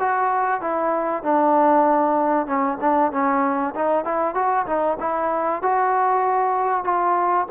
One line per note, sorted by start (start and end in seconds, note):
0.00 0.61 F#4
0.61 1.24 E4
1.24 2.47 D4
2.47 2.78 C#4
2.81 3.12 D4
3.12 3.75 C#4
3.75 4.05 D#4
4.05 4.35 E4
4.35 4.66 F#4
4.67 4.98 D#4
5.01 5.62 E4
5.62 6.85 F#4
6.85 7.47 F4